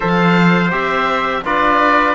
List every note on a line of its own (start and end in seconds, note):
0.00 0.72 F3
0.00 0.69 A4
0.00 1.42 C5
0.00 0.71 F5
0.71 1.44 C4
0.71 1.43 G4
0.71 1.44 E5
1.44 2.15 D4
1.44 2.15 F4
1.44 2.15 B4
1.44 2.15 D5